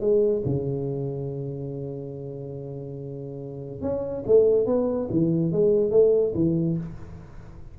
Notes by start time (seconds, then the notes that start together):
0.00 G#3
0.45 C#3
3.81 C#4
4.26 A3
4.66 B3
5.10 E3
5.52 G#3
5.91 A3
6.34 E3